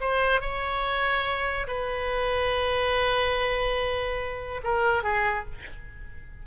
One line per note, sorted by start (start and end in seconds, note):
0.00 0.40 C5
0.40 1.66 C#5
1.67 4.61 B4
4.63 5.03 A#4
5.03 5.45 G#4